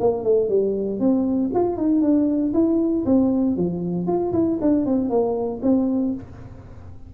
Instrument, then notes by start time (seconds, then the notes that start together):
tuba
0.00 A#3
0.24 A3
0.49 G3
1.00 C4
1.54 F4
1.76 D#4
2.01 D4
2.53 E4
3.06 C4
3.56 F3
4.07 F4
4.33 E4
4.61 D4
4.85 C4
5.09 A#3
5.62 C4